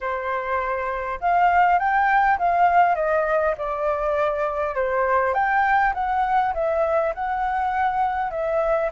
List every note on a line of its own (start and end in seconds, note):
0.00 1.19 C5
1.20 1.78 F5
1.78 2.38 G5
2.38 2.95 F5
2.95 3.54 D#5
3.57 4.75 D5
4.75 5.33 C5
5.33 5.93 G5
5.94 6.53 F#5
6.54 7.13 E5
7.14 8.30 F#5
8.30 8.90 E5